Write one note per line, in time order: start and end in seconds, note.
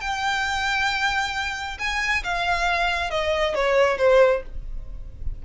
0.00 1.78 G5
1.79 2.23 G#5
2.23 3.10 F5
3.10 3.55 D#5
3.55 3.98 C#5
3.98 4.42 C5